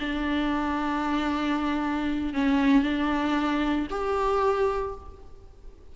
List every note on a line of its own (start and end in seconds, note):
0.00 2.34 D4
2.34 2.83 C#4
2.83 3.87 D4
3.91 4.95 G4